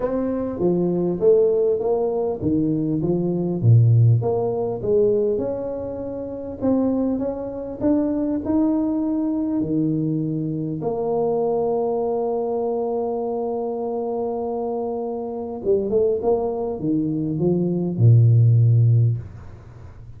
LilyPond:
\new Staff \with { instrumentName = "tuba" } { \time 4/4 \tempo 4 = 100 c'4 f4 a4 ais4 | dis4 f4 ais,4 ais4 | gis4 cis'2 c'4 | cis'4 d'4 dis'2 |
dis2 ais2~ | ais1~ | ais2 g8 a8 ais4 | dis4 f4 ais,2 | }